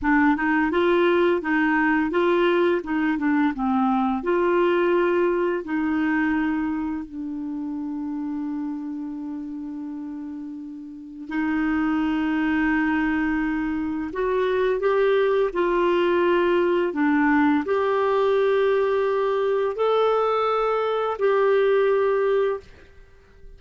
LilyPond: \new Staff \with { instrumentName = "clarinet" } { \time 4/4 \tempo 4 = 85 d'8 dis'8 f'4 dis'4 f'4 | dis'8 d'8 c'4 f'2 | dis'2 d'2~ | d'1 |
dis'1 | fis'4 g'4 f'2 | d'4 g'2. | a'2 g'2 | }